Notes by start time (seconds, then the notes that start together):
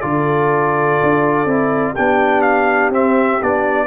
0.00 D3 F4 A4 D5
1.02 D4
1.44 C4 E4
1.93 B3 D4 G4 G5
2.41 F5
2.90 C4 E5
3.42 B3 D4 D5